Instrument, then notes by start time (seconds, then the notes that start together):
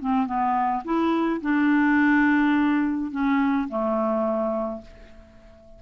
clarinet
0.00 C4
0.26 B3
0.84 E4
1.41 D4
3.11 C#4
3.68 A3